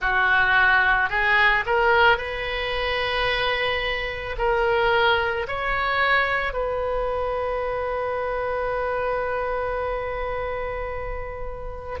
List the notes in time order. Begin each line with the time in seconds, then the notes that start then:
0.01 F#4
1.09 G#4
1.66 A#4
2.17 B4
4.37 A#4
5.47 C#5
6.53 B4